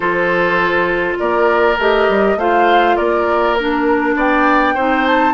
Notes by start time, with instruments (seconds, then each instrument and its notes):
0.00 bassoon F3, clarinet F4, oboe A4, flute C5
1.18 bassoon A#3, oboe A#4, flute D5
1.78 bassoon A3, clarinet G4, flute D#5
2.08 bassoon G3
2.36 bassoon A3, clarinet F4, oboe C5, flute F5
2.96 bassoon A#3, oboe A#4, flute D5
3.54 clarinet D4, flute A#4
4.15 bassoon B3, oboe D5, flute G5
4.74 bassoon C4, clarinet D#4, oboe C5
5.06 flute A5